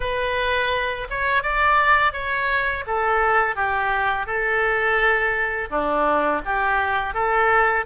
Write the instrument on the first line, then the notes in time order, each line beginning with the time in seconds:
oboe
0.00 B4
1.09 C#5
1.42 D5
2.12 C#5
2.86 A4
3.55 G4
4.26 A4
5.70 D4
6.45 G4
7.14 A4